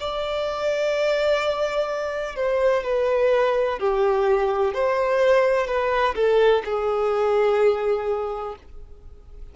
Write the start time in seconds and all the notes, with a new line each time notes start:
0.00 D5
2.36 C5
2.84 B4
3.79 G4
4.74 C5
5.68 B4
6.15 A4
6.65 G#4